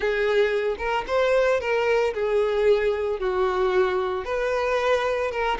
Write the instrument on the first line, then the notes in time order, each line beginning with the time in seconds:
violin
0.00 G#4
0.78 A#4
1.07 C5
1.60 A#4
2.14 G#4
3.19 F#4
4.25 B4
5.31 A#4